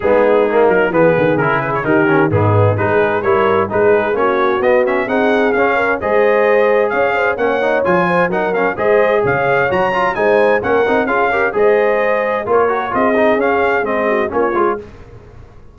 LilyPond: <<
  \new Staff \with { instrumentName = "trumpet" } { \time 4/4 \tempo 4 = 130 gis'4. ais'8 b'4 ais'8 b'16 cis''16 | ais'4 gis'4 b'4 cis''4 | b'4 cis''4 dis''8 e''8 fis''4 | f''4 dis''2 f''4 |
fis''4 gis''4 fis''8 f''8 dis''4 | f''4 ais''4 gis''4 fis''4 | f''4 dis''2 cis''4 | dis''4 f''4 dis''4 cis''4 | }
  \new Staff \with { instrumentName = "horn" } { \time 4/4 dis'2 gis'2 | g'4 dis'4 gis'4 ais'4 | gis'4 fis'2 gis'4~ | gis'8 ais'8 c''2 cis''8 c''8 |
cis''4. c''8 ais'4 c''4 | cis''2 c''4 ais'4 | gis'8 ais'8 c''2 ais'4 | gis'2~ gis'8 fis'8 f'4 | }
  \new Staff \with { instrumentName = "trombone" } { \time 4/4 b4 ais4 b4 e'4 | dis'8 cis'8 b4 dis'4 e'4 | dis'4 cis'4 b8 cis'8 dis'4 | cis'4 gis'2. |
cis'8 dis'8 f'4 dis'8 cis'8 gis'4~ | gis'4 fis'8 f'8 dis'4 cis'8 dis'8 | f'8 g'8 gis'2 f'8 fis'8 | f'8 dis'8 cis'4 c'4 cis'8 f'8 | }
  \new Staff \with { instrumentName = "tuba" } { \time 4/4 gis4. fis8 e8 dis8 cis4 | dis4 gis,4 gis4 g4 | gis4 ais4 b4 c'4 | cis'4 gis2 cis'4 |
ais4 f4 fis4 gis4 | cis4 fis4 gis4 ais8 c'8 | cis'4 gis2 ais4 | c'4 cis'4 gis4 ais8 gis8 | }
>>